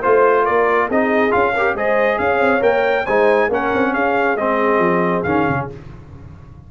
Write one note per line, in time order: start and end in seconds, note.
0.00 0.48 A3
0.00 0.90 F4
0.00 0.43 C5
0.00 0.45 C5
0.43 0.89 A#3
0.43 0.87 A#4
0.43 0.88 D5
0.89 1.33 C4
0.89 1.30 D#4
0.89 1.53 G#4
0.89 1.32 D#5
1.30 1.74 C#4
1.30 1.52 F4
1.30 1.75 F5
1.53 1.77 G4
1.53 1.75 A#4
1.74 2.17 G#3
1.74 2.60 G#4
1.74 2.19 C5
1.74 2.18 D#5
2.18 2.39 C#4
2.18 3.05 C#5
2.18 2.62 F5
2.39 2.61 C4
2.60 3.06 A#3
2.60 3.04 A#4
2.60 3.06 G5
3.05 3.49 G#3
3.05 3.50 D#4
3.05 3.48 C5
3.05 3.49 G#5
3.48 3.70 A#3
3.48 4.37 C#4
3.48 3.92 A#4
3.48 3.93 F#5
3.74 3.95 C4
3.93 4.36 C#4
3.93 5.68 G#4
3.93 4.36 F5
4.36 4.78 G#3
4.36 5.25 C4
4.36 5.23 D#5
4.78 5.22 F3
5.23 5.46 D#3
5.23 5.69 C#4
5.23 5.66 F5
5.49 5.71 C#3